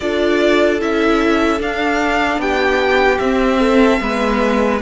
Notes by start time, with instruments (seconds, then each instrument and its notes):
0.00 cello D4, viola F4, violin A4 D5
0.80 cello C#4, viola E4, violin E5
1.59 viola D4, cello D4, violin F5
2.38 cello B3, violin G4 G5
3.18 cello C4, viola C4, violin E5
3.60 violin A4
4.00 cello G#3, viola B3, violin B4